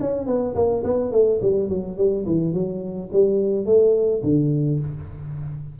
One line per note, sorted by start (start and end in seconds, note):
0.00 0.26 C#4
0.26 0.55 B3
0.55 0.83 A#3
0.83 1.12 B3
1.12 1.40 A3
1.42 1.69 G3
1.69 1.97 F#3
1.97 2.25 G3
2.26 2.53 E3
2.53 3.10 F#3
3.12 3.65 G3
3.65 4.22 A3
4.23 4.80 D3